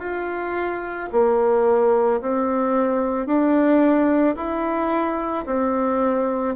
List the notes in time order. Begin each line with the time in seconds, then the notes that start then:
0.00 F4
1.12 A#3
2.22 C4
3.27 D4
4.36 E4
5.46 C4